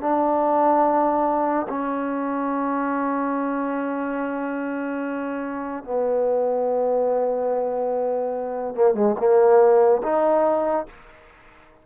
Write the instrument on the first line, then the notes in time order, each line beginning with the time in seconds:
trombone
0.00 D4
1.69 C#4
5.84 B3
8.75 A#3
8.94 G#3
9.18 A#3
10.03 D#4